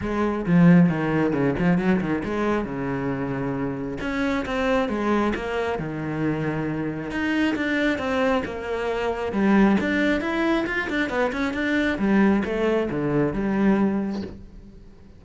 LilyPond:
\new Staff \with { instrumentName = "cello" } { \time 4/4 \tempo 4 = 135 gis4 f4 dis4 cis8 f8 | fis8 dis8 gis4 cis2~ | cis4 cis'4 c'4 gis4 | ais4 dis2. |
dis'4 d'4 c'4 ais4~ | ais4 g4 d'4 e'4 | f'8 d'8 b8 cis'8 d'4 g4 | a4 d4 g2 | }